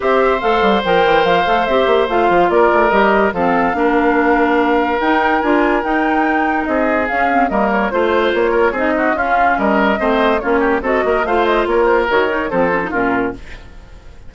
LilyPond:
<<
  \new Staff \with { instrumentName = "flute" } { \time 4/4 \tempo 4 = 144 e''4 f''4 g''4 f''4 | e''4 f''4 d''4 dis''4 | f''1 | g''4 gis''4 g''2 |
dis''4 f''4 dis''8 cis''8 c''4 | cis''4 dis''4 f''4 dis''4~ | dis''4 cis''4 dis''4 f''8 dis''8 | cis''8 c''8 cis''4 c''4 ais'4 | }
  \new Staff \with { instrumentName = "oboe" } { \time 4/4 c''1~ | c''2 ais'2 | a'4 ais'2.~ | ais'1 |
gis'2 ais'4 c''4~ | c''8 ais'8 gis'8 fis'8 f'4 ais'4 | c''4 f'8 g'8 a'8 ais'8 c''4 | ais'2 a'4 f'4 | }
  \new Staff \with { instrumentName = "clarinet" } { \time 4/4 g'4 a'4 ais'4. a'8 | g'4 f'2 g'4 | c'4 d'2. | dis'4 f'4 dis'2~ |
dis'4 cis'8 c'8 ais4 f'4~ | f'4 dis'4 cis'2 | c'4 cis'4 fis'4 f'4~ | f'4 fis'8 dis'8 c'8 cis'16 dis'16 cis'4 | }
  \new Staff \with { instrumentName = "bassoon" } { \time 4/4 c'4 a8 g8 f8 e8 f8 a8 | c'8 ais8 a8 f8 ais8 a8 g4 | f4 ais2. | dis'4 d'4 dis'2 |
c'4 cis'4 g4 a4 | ais4 c'4 cis'4 g4 | a4 ais4 c'8 ais8 a4 | ais4 dis4 f4 ais,4 | }
>>